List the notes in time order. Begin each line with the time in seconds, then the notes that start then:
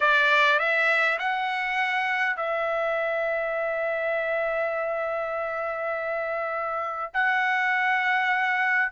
0.00 D5
0.59 E5
1.18 F#5
2.36 E5
7.13 F#5